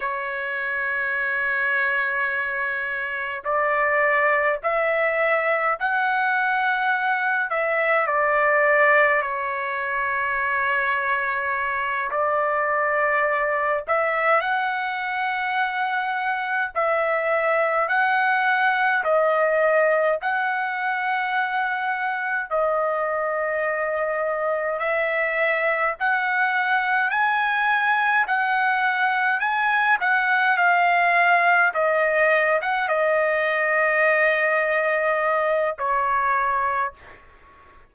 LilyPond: \new Staff \with { instrumentName = "trumpet" } { \time 4/4 \tempo 4 = 52 cis''2. d''4 | e''4 fis''4. e''8 d''4 | cis''2~ cis''8 d''4. | e''8 fis''2 e''4 fis''8~ |
fis''8 dis''4 fis''2 dis''8~ | dis''4. e''4 fis''4 gis''8~ | gis''8 fis''4 gis''8 fis''8 f''4 dis''8~ | dis''16 fis''16 dis''2~ dis''8 cis''4 | }